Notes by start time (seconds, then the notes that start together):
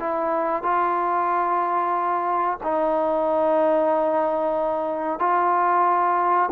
0.00 E4
0.63 F4
2.64 D#4
5.20 F4